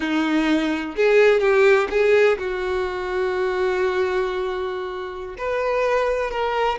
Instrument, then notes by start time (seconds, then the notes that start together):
violin
0.00 D#4
0.96 G#4
1.40 G4
1.90 G#4
2.38 F#4
5.37 B4
6.30 A#4